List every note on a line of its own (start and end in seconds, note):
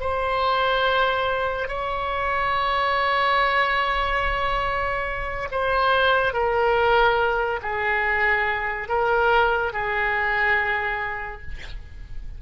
0.00 1.68 C5
1.68 5.49 C#5
5.51 6.33 C5
6.33 7.60 A#4
7.62 8.89 G#4
8.89 9.73 A#4
9.73 11.42 G#4